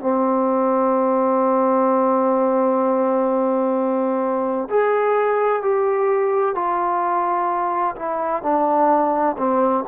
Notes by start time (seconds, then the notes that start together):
0.00 C4
4.70 G#4
5.62 G4
6.55 F4
7.96 E4
8.43 D4
9.38 C4